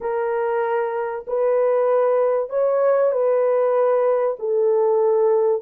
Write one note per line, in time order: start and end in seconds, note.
0.00 1.25 A#4
1.27 2.49 B4
2.49 3.11 C#5
3.11 4.36 B4
4.39 5.62 A4